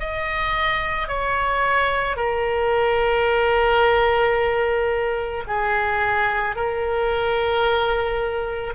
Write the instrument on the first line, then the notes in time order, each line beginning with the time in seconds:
oboe
0.00 D#5
1.09 C#5
2.17 A#4
5.47 G#4
6.56 A#4